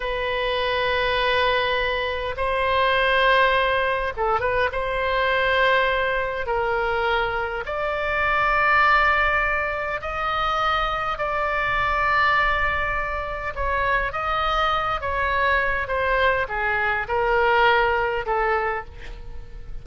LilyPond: \new Staff \with { instrumentName = "oboe" } { \time 4/4 \tempo 4 = 102 b'1 | c''2. a'8 b'8 | c''2. ais'4~ | ais'4 d''2.~ |
d''4 dis''2 d''4~ | d''2. cis''4 | dis''4. cis''4. c''4 | gis'4 ais'2 a'4 | }